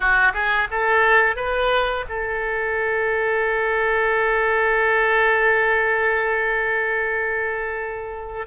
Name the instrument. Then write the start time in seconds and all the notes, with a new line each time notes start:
oboe
0.00 F#4
0.33 G#4
0.71 A4
1.36 B4
2.08 A4